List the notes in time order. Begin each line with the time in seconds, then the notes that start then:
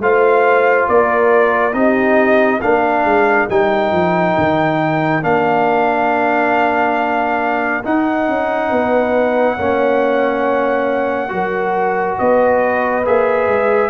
0.00 A3 F4 C5 F5
0.89 A#3 A#4 D5
1.73 C4 D#4 G4 D#5
2.60 A#3 D4 A#4 F5
3.05 G#3
3.50 G3 D#4 G5
3.92 F3
4.38 D#3
5.22 A#3 D4 F5
7.84 D#4 F#5
8.29 C#4
8.70 B3 B4
9.57 A#3 C#4 C#5
11.29 F#3 F#4 A#4
12.19 B3 B4 D#5
13.05 A#3 G#4 E5
13.47 G#3